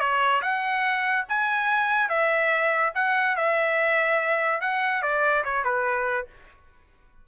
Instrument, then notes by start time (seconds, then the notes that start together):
trumpet
0.00 C#5
0.42 F#5
1.29 G#5
2.09 E5
2.95 F#5
3.36 E5
4.61 F#5
5.03 D5
5.45 C#5
5.65 B4